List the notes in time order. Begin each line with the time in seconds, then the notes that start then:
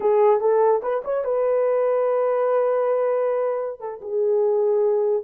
0.00 G#4
0.40 A4
0.82 B4
1.04 C#5
1.24 B4
3.80 A4
4.01 G#4